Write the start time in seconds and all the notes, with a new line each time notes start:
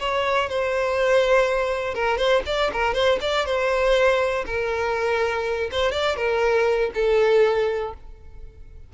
0.00 C#5
0.50 C5
1.95 A#4
2.18 C5
2.47 D5
2.73 A#4
2.95 C5
3.21 D5
3.46 C5
4.47 A#4
5.72 C5
5.92 D5
6.17 A#4
6.95 A4